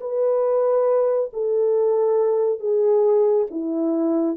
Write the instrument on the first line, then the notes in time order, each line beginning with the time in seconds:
horn
0.00 B4
1.33 A4
2.60 G#4
3.50 E4